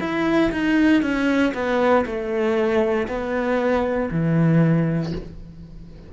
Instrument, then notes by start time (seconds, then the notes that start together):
cello
0.00 E4
0.51 D#4
1.02 C#4
1.54 B3
2.05 A3
3.07 B3
4.10 E3